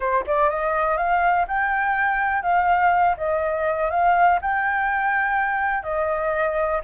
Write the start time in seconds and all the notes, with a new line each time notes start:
0.00 C5
0.26 D5
0.49 D#5
0.97 F5
1.47 G5
2.42 F5
3.17 D#5
3.90 F5
4.41 G5
5.83 D#5